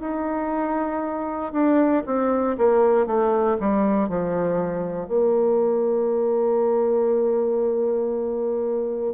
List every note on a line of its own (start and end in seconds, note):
0.00 1.52 D#4
1.52 2.03 D4
2.06 2.57 C4
2.58 3.06 A#3
3.06 3.57 A3
3.60 4.09 G3
4.09 5.08 F3
5.08 9.14 A#3